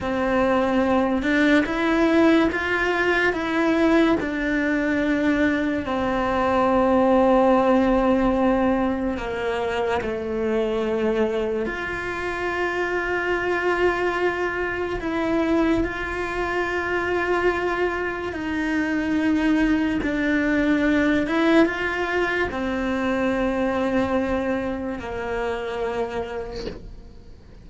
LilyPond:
\new Staff \with { instrumentName = "cello" } { \time 4/4 \tempo 4 = 72 c'4. d'8 e'4 f'4 | e'4 d'2 c'4~ | c'2. ais4 | a2 f'2~ |
f'2 e'4 f'4~ | f'2 dis'2 | d'4. e'8 f'4 c'4~ | c'2 ais2 | }